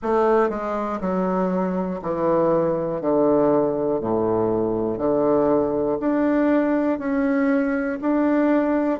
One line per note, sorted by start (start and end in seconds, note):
0.02 0.50 A3
0.50 1.00 G#3
1.00 2.00 F#3
2.02 3.00 E3
3.00 4.00 D3
4.00 4.97 A2
4.97 5.97 D3
6.00 6.99 D4
6.99 7.99 C#4
8.00 9.00 D4